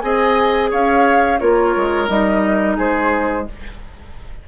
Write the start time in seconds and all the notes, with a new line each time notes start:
0.00 C4 G#4 D#5 G#5
0.70 C#4 C#5 F5
1.39 A#3 F4 A#4 C#5
1.76 G#3
2.08 G3 D#4 D#5
2.76 G#3 G#4 C5